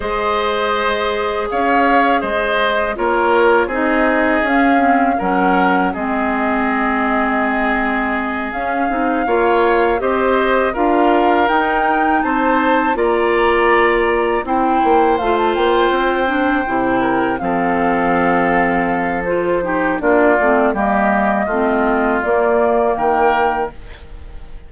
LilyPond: <<
  \new Staff \with { instrumentName = "flute" } { \time 4/4 \tempo 4 = 81 dis''2 f''4 dis''4 | cis''4 dis''4 f''4 fis''4 | dis''2.~ dis''8 f''8~ | f''4. dis''4 f''4 g''8~ |
g''8 a''4 ais''2 g''8~ | g''8 f''16 a''16 g''2~ g''8 f''8~ | f''2 c''4 d''4 | dis''2 d''4 g''4 | }
  \new Staff \with { instrumentName = "oboe" } { \time 4/4 c''2 cis''4 c''4 | ais'4 gis'2 ais'4 | gis'1~ | gis'8 cis''4 c''4 ais'4.~ |
ais'8 c''4 d''2 c''8~ | c''2. ais'8 a'8~ | a'2~ a'8 g'8 f'4 | g'4 f'2 ais'4 | }
  \new Staff \with { instrumentName = "clarinet" } { \time 4/4 gis'1 | f'4 dis'4 cis'8 c'8 cis'4 | c'2.~ c'8 cis'8 | dis'8 f'4 g'4 f'4 dis'8~ |
dis'4. f'2 e'8~ | e'8 f'4. d'8 e'4 c'8~ | c'2 f'8 dis'8 d'8 c'8 | ais4 c'4 ais2 | }
  \new Staff \with { instrumentName = "bassoon" } { \time 4/4 gis2 cis'4 gis4 | ais4 c'4 cis'4 fis4 | gis2.~ gis8 cis'8 | c'8 ais4 c'4 d'4 dis'8~ |
dis'8 c'4 ais2 c'8 | ais8 a8 ais8 c'4 c4 f8~ | f2. ais8 a8 | g4 a4 ais4 dis4 | }
>>